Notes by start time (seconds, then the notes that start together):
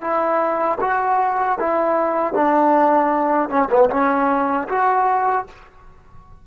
0.00 E4
0.80 F#4
1.58 E4
2.33 D4
3.49 C#4
3.70 B3
3.90 C#4
4.68 F#4